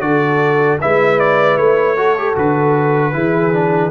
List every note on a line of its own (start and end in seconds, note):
0.00 0.78 D3
0.00 0.78 F#4
0.00 0.80 A4
0.00 0.78 D5
0.80 1.56 G#3
0.80 1.96 E4
0.80 1.95 B4
0.80 1.19 E5
1.19 1.56 D5
1.56 2.34 A3
1.56 2.34 C#5
1.95 2.16 F#4
1.95 3.12 A4
2.18 2.35 G4
2.35 3.14 D3
2.35 3.12 F#4
2.35 3.91 B4
3.12 3.91 E3
3.12 3.51 E4
3.12 3.91 G#4
3.52 3.91 D4